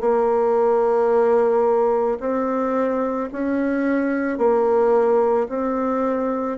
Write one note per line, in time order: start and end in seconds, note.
0.00 2.18 A#3
2.20 3.29 C4
3.32 4.38 C#4
4.38 5.47 A#3
5.48 6.58 C4